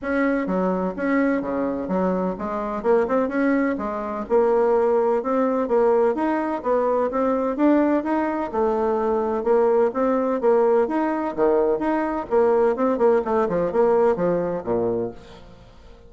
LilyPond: \new Staff \with { instrumentName = "bassoon" } { \time 4/4 \tempo 4 = 127 cis'4 fis4 cis'4 cis4 | fis4 gis4 ais8 c'8 cis'4 | gis4 ais2 c'4 | ais4 dis'4 b4 c'4 |
d'4 dis'4 a2 | ais4 c'4 ais4 dis'4 | dis4 dis'4 ais4 c'8 ais8 | a8 f8 ais4 f4 ais,4 | }